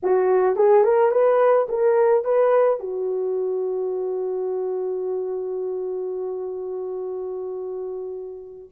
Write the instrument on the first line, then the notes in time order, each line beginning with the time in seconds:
horn
0.03 F#4
0.56 G#4
0.84 A#4
1.11 B4
1.68 A#4
2.24 B4
2.79 F#4